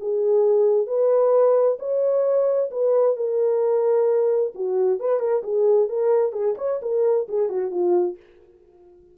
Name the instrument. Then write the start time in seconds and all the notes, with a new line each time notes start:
horn
0.00 G#4
0.87 B4
1.79 C#5
2.71 B4
3.17 A#4
4.55 F#4
4.99 B4
5.20 A#4
5.43 G#4
5.89 A#4
6.33 G#4
6.58 C#5
6.82 A#4
7.29 G#4
7.49 F#4
7.71 F4